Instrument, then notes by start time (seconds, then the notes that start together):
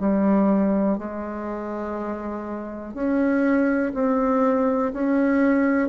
bassoon
0.00 G3
0.98 G#3
2.94 C#4
3.95 C4
4.94 C#4